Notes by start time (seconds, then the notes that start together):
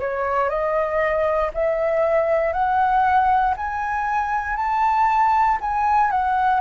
0.00 C#5
0.49 D#5
1.54 E5
2.53 F#5
3.57 G#5
4.57 A5
5.61 G#5
6.11 F#5